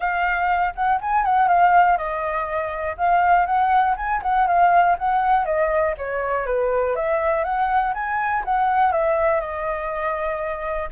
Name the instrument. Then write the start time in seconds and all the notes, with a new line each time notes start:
flute
0.00 F5
0.75 F#5
1.01 G#5
1.24 F#5
1.48 F5
1.97 D#5
2.97 F5
3.46 F#5
3.96 G#5
4.22 F#5
4.47 F5
4.98 F#5
5.45 D#5
5.97 C#5
6.46 B4
6.95 E5
7.44 F#5
7.94 G#5
8.44 F#5
8.91 E5
9.40 D#5